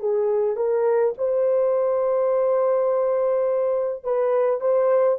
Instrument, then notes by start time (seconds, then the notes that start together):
horn
0.00 G#4
0.57 A#4
1.19 C5
4.04 B4
4.61 C5